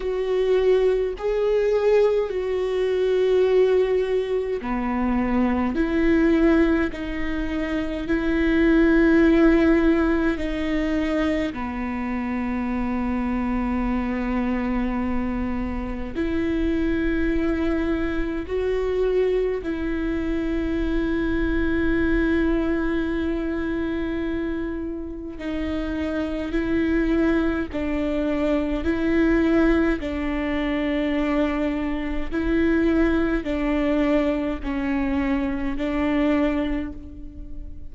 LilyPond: \new Staff \with { instrumentName = "viola" } { \time 4/4 \tempo 4 = 52 fis'4 gis'4 fis'2 | b4 e'4 dis'4 e'4~ | e'4 dis'4 b2~ | b2 e'2 |
fis'4 e'2.~ | e'2 dis'4 e'4 | d'4 e'4 d'2 | e'4 d'4 cis'4 d'4 | }